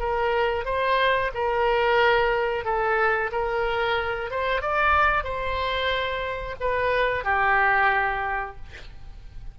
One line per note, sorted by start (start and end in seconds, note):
0.00 0.66 A#4
0.66 1.32 C5
1.35 2.65 A#4
2.65 3.31 A4
3.32 4.31 A#4
4.31 4.62 C5
4.62 5.24 D5
5.24 6.56 C5
6.61 7.25 B4
7.25 8.57 G4